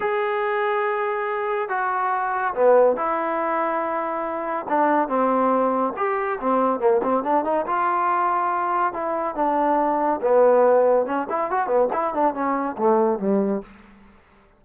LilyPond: \new Staff \with { instrumentName = "trombone" } { \time 4/4 \tempo 4 = 141 gis'1 | fis'2 b4 e'4~ | e'2. d'4 | c'2 g'4 c'4 |
ais8 c'8 d'8 dis'8 f'2~ | f'4 e'4 d'2 | b2 cis'8 e'8 fis'8 b8 | e'8 d'8 cis'4 a4 g4 | }